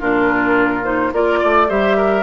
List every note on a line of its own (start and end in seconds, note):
0.00 1.13 A#2
0.00 0.84 D4
0.00 1.12 F4
0.00 0.85 A#4
0.84 1.12 D#4
0.84 1.13 C5
1.13 1.41 A#3
1.13 1.68 F4
1.13 1.39 A#4
1.13 1.70 D5
1.39 1.70 A3
1.39 1.67 D5
1.68 2.23 G3
1.68 2.23 G4
1.68 1.97 C5
1.68 2.23 E5
1.97 2.23 A#4